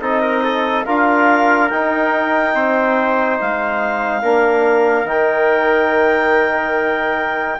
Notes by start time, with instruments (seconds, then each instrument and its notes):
0.00 bassoon C4, trombone D#4, trumpet A4, clarinet D#5
0.21 trumpet A#4
0.44 trumpet A4
0.85 bassoon D4, trombone F4, trumpet A#4, clarinet F5
1.69 bassoon D#4, trombone D#4, clarinet G5
2.54 bassoon C4, trumpet C5
3.40 bassoon G#3, clarinet F5
4.22 bassoon A#3, trombone D4, trumpet A#4
5.04 bassoon D#3, trombone D#4, clarinet G5